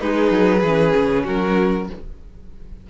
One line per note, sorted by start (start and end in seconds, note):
0.00 0.31 G#3
0.00 0.60 D#4
0.00 0.64 G#4
0.00 1.25 B4
0.31 0.62 F#3
0.60 0.93 E3
0.60 1.89 C#4
0.60 1.23 G#4
0.95 1.27 C#3
1.24 1.89 F#3
1.24 1.86 F#4
1.24 1.88 A#4